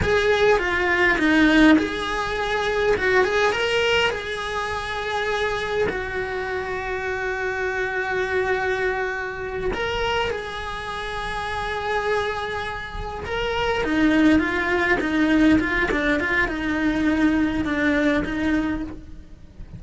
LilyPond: \new Staff \with { instrumentName = "cello" } { \time 4/4 \tempo 4 = 102 gis'4 f'4 dis'4 gis'4~ | gis'4 fis'8 gis'8 ais'4 gis'4~ | gis'2 fis'2~ | fis'1~ |
fis'8 ais'4 gis'2~ gis'8~ | gis'2~ gis'8 ais'4 dis'8~ | dis'8 f'4 dis'4 f'8 d'8 f'8 | dis'2 d'4 dis'4 | }